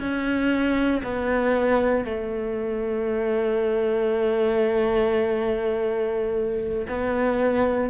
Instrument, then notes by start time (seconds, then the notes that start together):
cello
0.00 C#4
1.04 B3
2.05 A3
6.88 B3